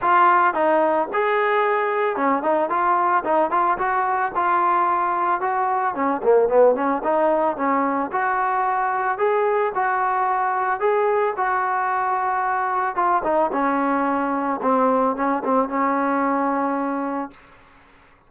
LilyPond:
\new Staff \with { instrumentName = "trombone" } { \time 4/4 \tempo 4 = 111 f'4 dis'4 gis'2 | cis'8 dis'8 f'4 dis'8 f'8 fis'4 | f'2 fis'4 cis'8 ais8 | b8 cis'8 dis'4 cis'4 fis'4~ |
fis'4 gis'4 fis'2 | gis'4 fis'2. | f'8 dis'8 cis'2 c'4 | cis'8 c'8 cis'2. | }